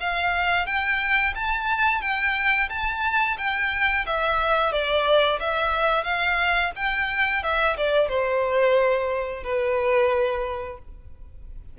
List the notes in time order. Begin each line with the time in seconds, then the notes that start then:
0.00 F5
0.66 G5
1.35 A5
2.01 G5
2.70 A5
3.38 G5
4.06 E5
4.72 D5
5.40 E5
6.04 F5
6.76 G5
7.43 E5
7.77 D5
8.09 C5
9.44 B4